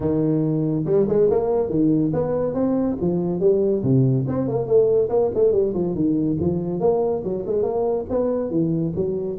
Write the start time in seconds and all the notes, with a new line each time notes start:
0.00 D#3
0.85 G3
1.08 G#3
1.30 A#3
1.69 D#3
2.13 B3
2.54 C4
3.00 F3
3.39 G3
3.83 C3
4.27 C4
4.48 A#3
4.66 A3
5.09 A#3
5.34 A3
5.52 G3
5.73 F3
5.94 D#3
6.39 F3
6.80 A#3
7.24 F#3
7.46 G#3
7.62 A#3
8.09 B3
8.50 E3
8.95 F#3